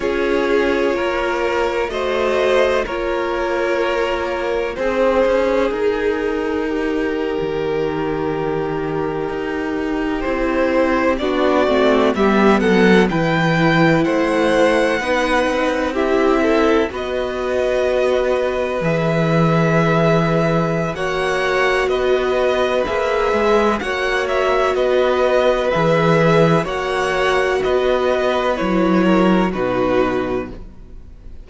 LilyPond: <<
  \new Staff \with { instrumentName = "violin" } { \time 4/4 \tempo 4 = 63 cis''2 dis''4 cis''4~ | cis''4 c''4 ais'2~ | ais'2~ ais'8. c''4 d''16~ | d''8. e''8 fis''8 g''4 fis''4~ fis''16~ |
fis''8. e''4 dis''2 e''16~ | e''2 fis''4 dis''4 | e''4 fis''8 e''8 dis''4 e''4 | fis''4 dis''4 cis''4 b'4 | }
  \new Staff \with { instrumentName = "violin" } { \time 4/4 gis'4 ais'4 c''4 ais'4~ | ais'4 gis'2 g'4~ | g'2.~ g'8. fis'16~ | fis'8. g'8 a'8 b'4 c''4 b'16~ |
b'8. g'8 a'8 b'2~ b'16~ | b'2 cis''4 b'4~ | b'4 cis''4 b'2 | cis''4 b'4. ais'8 fis'4 | }
  \new Staff \with { instrumentName = "viola" } { \time 4/4 f'2 fis'4 f'4~ | f'4 dis'2.~ | dis'2~ dis'8. e'4 d'16~ | d'16 c'8 b4 e'2 dis'16~ |
dis'8. e'4 fis'2 gis'16~ | gis'2 fis'2 | gis'4 fis'2 gis'4 | fis'2 e'4 dis'4 | }
  \new Staff \with { instrumentName = "cello" } { \time 4/4 cis'4 ais4 a4 ais4~ | ais4 c'8 cis'8 dis'4.~ dis'16 dis16~ | dis4.~ dis16 dis'4 c'4 b16~ | b16 a8 g8 fis8 e4 a4 b16~ |
b16 c'4. b2 e16~ | e2 ais4 b4 | ais8 gis8 ais4 b4 e4 | ais4 b4 fis4 b,4 | }
>>